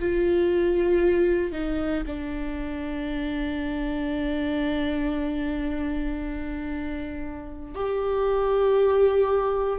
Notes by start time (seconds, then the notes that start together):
0.00 F4
1.52 D#4
2.06 D4
7.75 G4